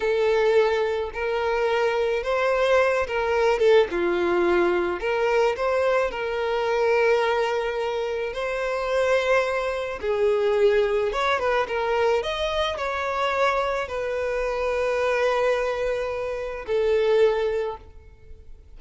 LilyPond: \new Staff \with { instrumentName = "violin" } { \time 4/4 \tempo 4 = 108 a'2 ais'2 | c''4. ais'4 a'8 f'4~ | f'4 ais'4 c''4 ais'4~ | ais'2. c''4~ |
c''2 gis'2 | cis''8 b'8 ais'4 dis''4 cis''4~ | cis''4 b'2.~ | b'2 a'2 | }